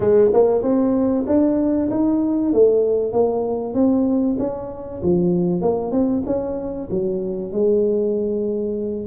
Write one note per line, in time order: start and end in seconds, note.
0.00 0.30 G#3
0.33 0.62 A#3
0.62 1.24 C4
1.26 1.89 D4
1.90 2.52 D#4
2.52 3.12 A3
3.12 3.74 A#3
3.74 4.36 C4
4.39 5.01 C#4
5.03 5.61 F3
5.61 5.91 A#3
5.91 6.22 C4
6.26 6.88 C#4
6.90 7.52 F#3
7.52 9.06 G#3